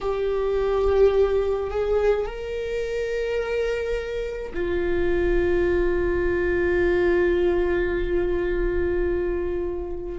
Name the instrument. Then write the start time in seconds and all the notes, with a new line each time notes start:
viola
0.01 G4
1.70 G#4
2.25 A#4
4.54 F4